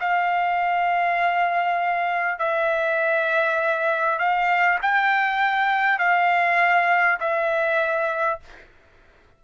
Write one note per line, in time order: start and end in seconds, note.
0.00 2.39 F5
2.39 4.19 E5
4.19 4.79 F5
4.82 5.99 G5
5.99 7.19 F5
7.20 8.40 E5